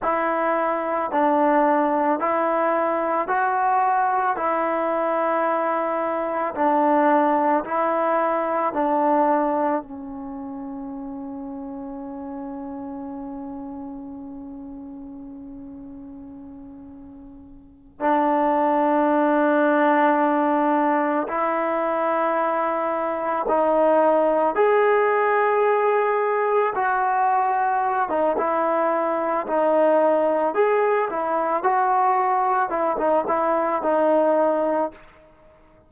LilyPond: \new Staff \with { instrumentName = "trombone" } { \time 4/4 \tempo 4 = 55 e'4 d'4 e'4 fis'4 | e'2 d'4 e'4 | d'4 cis'2.~ | cis'1~ |
cis'8 d'2. e'8~ | e'4. dis'4 gis'4.~ | gis'8 fis'4~ fis'16 dis'16 e'4 dis'4 | gis'8 e'8 fis'4 e'16 dis'16 e'8 dis'4 | }